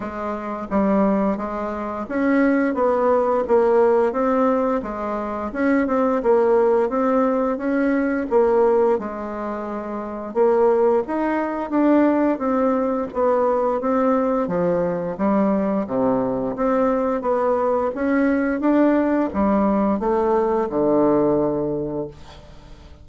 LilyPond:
\new Staff \with { instrumentName = "bassoon" } { \time 4/4 \tempo 4 = 87 gis4 g4 gis4 cis'4 | b4 ais4 c'4 gis4 | cis'8 c'8 ais4 c'4 cis'4 | ais4 gis2 ais4 |
dis'4 d'4 c'4 b4 | c'4 f4 g4 c4 | c'4 b4 cis'4 d'4 | g4 a4 d2 | }